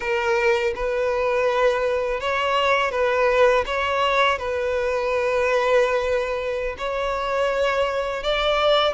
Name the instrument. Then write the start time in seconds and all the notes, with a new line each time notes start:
violin
0.00 A#4
0.75 B4
2.20 C#5
2.91 B4
3.66 C#5
4.38 B4
6.77 C#5
8.23 D5